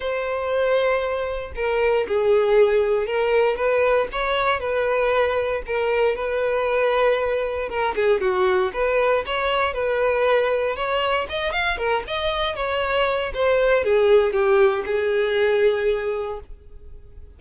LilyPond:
\new Staff \with { instrumentName = "violin" } { \time 4/4 \tempo 4 = 117 c''2. ais'4 | gis'2 ais'4 b'4 | cis''4 b'2 ais'4 | b'2. ais'8 gis'8 |
fis'4 b'4 cis''4 b'4~ | b'4 cis''4 dis''8 f''8 ais'8 dis''8~ | dis''8 cis''4. c''4 gis'4 | g'4 gis'2. | }